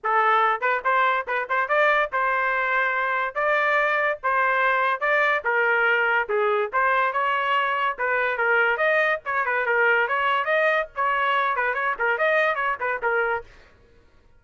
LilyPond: \new Staff \with { instrumentName = "trumpet" } { \time 4/4 \tempo 4 = 143 a'4. b'8 c''4 b'8 c''8 | d''4 c''2. | d''2 c''2 | d''4 ais'2 gis'4 |
c''4 cis''2 b'4 | ais'4 dis''4 cis''8 b'8 ais'4 | cis''4 dis''4 cis''4. b'8 | cis''8 ais'8 dis''4 cis''8 b'8 ais'4 | }